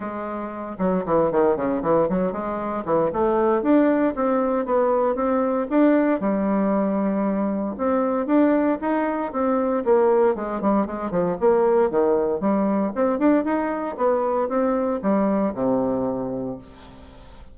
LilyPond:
\new Staff \with { instrumentName = "bassoon" } { \time 4/4 \tempo 4 = 116 gis4. fis8 e8 dis8 cis8 e8 | fis8 gis4 e8 a4 d'4 | c'4 b4 c'4 d'4 | g2. c'4 |
d'4 dis'4 c'4 ais4 | gis8 g8 gis8 f8 ais4 dis4 | g4 c'8 d'8 dis'4 b4 | c'4 g4 c2 | }